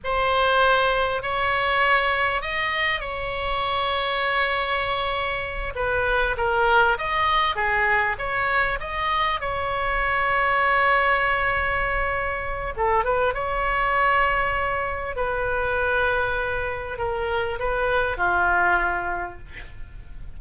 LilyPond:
\new Staff \with { instrumentName = "oboe" } { \time 4/4 \tempo 4 = 99 c''2 cis''2 | dis''4 cis''2.~ | cis''4. b'4 ais'4 dis''8~ | dis''8 gis'4 cis''4 dis''4 cis''8~ |
cis''1~ | cis''4 a'8 b'8 cis''2~ | cis''4 b'2. | ais'4 b'4 f'2 | }